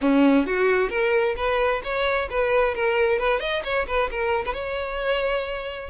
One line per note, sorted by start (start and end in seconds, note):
0.01 0.46 C#4
0.46 0.89 F#4
0.89 1.35 A#4
1.36 1.81 B4
1.83 2.29 C#5
2.30 2.75 B4
2.75 3.18 A#4
3.18 3.40 B4
3.40 3.62 D#5
3.63 3.86 C#5
3.87 4.10 B4
4.10 4.44 A#4
4.45 4.53 B4
4.53 5.89 C#5